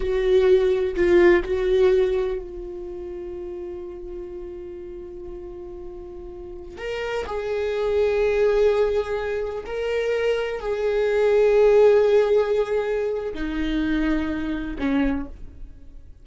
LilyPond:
\new Staff \with { instrumentName = "viola" } { \time 4/4 \tempo 4 = 126 fis'2 f'4 fis'4~ | fis'4 f'2.~ | f'1~ | f'2~ f'16 ais'4 gis'8.~ |
gis'1~ | gis'16 ais'2 gis'4.~ gis'16~ | gis'1 | dis'2. cis'4 | }